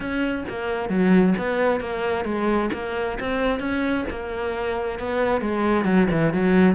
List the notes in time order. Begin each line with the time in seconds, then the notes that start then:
0.00 C#4
0.48 A#3
0.89 F#3
1.38 B3
1.80 A#3
2.24 G#3
2.73 A#3
3.19 C4
3.59 C#4
4.10 A#3
4.99 B3
5.41 G#3
5.84 F#3
6.10 E3
6.33 F#3